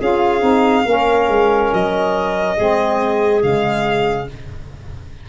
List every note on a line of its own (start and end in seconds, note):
0.00 0.42 C#4
0.00 0.40 F4
0.00 0.86 G#4
0.00 1.74 F5
0.40 0.85 C4
0.40 0.83 D#4
0.85 1.29 A#3
0.85 2.56 C#4
0.85 2.57 A#4
1.29 1.71 G#3
1.73 2.59 F#3
1.73 3.43 D#5
2.57 3.43 G#3
2.57 3.41 C4
2.57 4.28 G#4
3.41 4.29 C#3
3.41 4.27 G#3
3.41 4.28 F5